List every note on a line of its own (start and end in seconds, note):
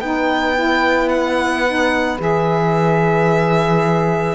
0.00 2.18 B3
0.00 0.56 D#4
0.00 4.35 B4
0.00 1.09 G5
0.56 1.65 E4
1.09 2.18 F#5
1.67 2.19 D#4
2.19 4.35 E3
2.19 4.35 G#4
2.19 4.35 E5